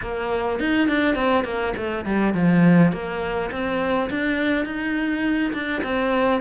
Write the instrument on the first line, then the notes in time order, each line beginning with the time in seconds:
cello
0.01 A#3
0.59 D#4
0.88 D4
1.15 C4
1.44 A#3
1.77 A3
2.05 G3
2.34 F3
2.92 A#3
3.51 C4
4.10 D4
4.65 D#4
5.53 D4
5.83 C4